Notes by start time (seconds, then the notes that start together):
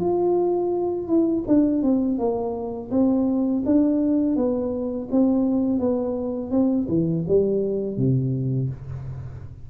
0.00 F4
1.08 E4
1.48 D4
1.83 C4
2.19 A#3
2.91 C4
3.65 D4
4.36 B3
5.11 C4
5.79 B3
6.51 C4
6.89 E3
7.27 G3
7.97 C3